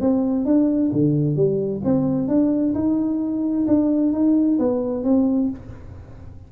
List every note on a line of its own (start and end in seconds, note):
0.00 0.45 C4
0.45 0.91 D4
0.92 1.36 D3
1.36 1.81 G3
1.84 2.28 C4
2.28 2.74 D4
2.74 3.66 D#4
3.67 4.12 D4
4.12 4.58 D#4
4.59 5.04 B3
5.04 5.50 C4